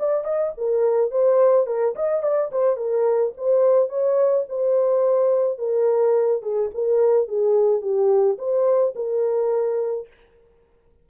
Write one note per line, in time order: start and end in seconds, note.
0.00 0.24 D5
0.24 0.53 D#5
0.58 1.12 A#4
1.12 1.67 C5
1.67 1.95 A#4
1.96 2.23 D#5
2.23 2.51 D5
2.52 2.77 C5
2.77 3.33 A#4
3.37 3.90 C5
3.90 4.46 C#5
4.49 5.59 C5
5.59 6.43 A#4
6.43 6.71 G#4
6.75 7.28 A#4
7.28 7.82 G#4
7.82 8.38 G4
8.39 8.95 C5
8.96 10.08 A#4